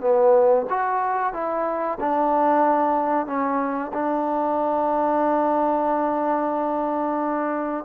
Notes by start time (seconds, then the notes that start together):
0.00 B3
0.69 F#4
1.33 E4
2.00 D4
3.26 C#4
3.93 D4